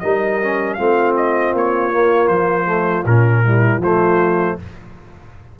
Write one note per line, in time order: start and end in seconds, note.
0.00 0.80 G3
0.00 0.42 D#4
0.00 0.78 A#4
0.00 0.74 D#5
0.42 0.79 C#4
0.74 1.53 A3
0.74 1.93 C4
0.74 3.44 F4
0.74 1.12 F5
1.17 1.55 D#5
1.53 2.28 A#3
1.53 2.28 C#5
1.93 2.66 A#3
2.28 3.04 F3
2.28 3.04 C5
2.66 3.04 A3
3.05 3.78 A#2
3.05 3.44 C#4
3.05 3.82 A#4
3.44 3.82 G3
3.44 3.81 E4
3.78 4.54 F3
3.78 4.57 F4
3.78 4.59 C5
3.84 4.60 A3